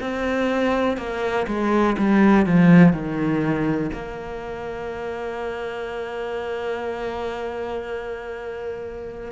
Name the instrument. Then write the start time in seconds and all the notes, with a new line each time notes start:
cello
0.00 C4
0.97 A#3
1.47 G#3
1.98 G3
2.46 F3
2.92 D#3
3.93 A#3